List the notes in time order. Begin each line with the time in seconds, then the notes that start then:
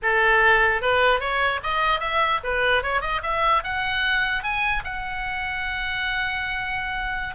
0.02 A4
0.81 B4
1.20 C#5
1.63 D#5
2.00 E5
2.43 B4
2.82 C#5
3.01 D#5
3.22 E5
3.63 F#5
4.43 G#5
4.84 F#5